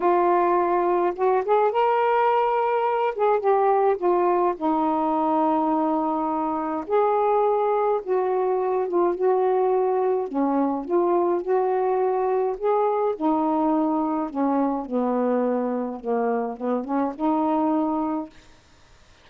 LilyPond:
\new Staff \with { instrumentName = "saxophone" } { \time 4/4 \tempo 4 = 105 f'2 fis'8 gis'8 ais'4~ | ais'4. gis'8 g'4 f'4 | dis'1 | gis'2 fis'4. f'8 |
fis'2 cis'4 f'4 | fis'2 gis'4 dis'4~ | dis'4 cis'4 b2 | ais4 b8 cis'8 dis'2 | }